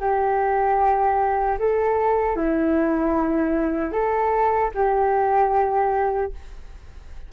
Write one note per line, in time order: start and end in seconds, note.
0.00 1.58 G4
1.59 2.36 A4
2.36 3.92 E4
3.92 4.70 A4
4.74 6.32 G4